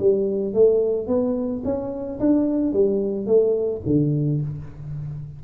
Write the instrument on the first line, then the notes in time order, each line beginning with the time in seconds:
tuba
0.00 G3
0.54 A3
1.08 B3
1.65 C#4
2.20 D4
2.73 G3
3.27 A3
3.87 D3